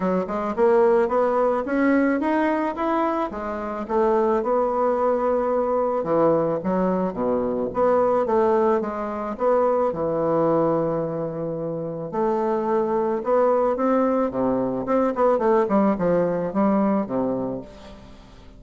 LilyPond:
\new Staff \with { instrumentName = "bassoon" } { \time 4/4 \tempo 4 = 109 fis8 gis8 ais4 b4 cis'4 | dis'4 e'4 gis4 a4 | b2. e4 | fis4 b,4 b4 a4 |
gis4 b4 e2~ | e2 a2 | b4 c'4 c4 c'8 b8 | a8 g8 f4 g4 c4 | }